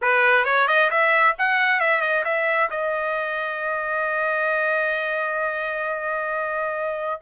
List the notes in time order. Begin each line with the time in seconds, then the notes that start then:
0.01 B4
0.44 C#5
0.67 D#5
0.90 E5
1.38 F#5
1.80 E5
2.01 D#5
2.24 E5
2.70 D#5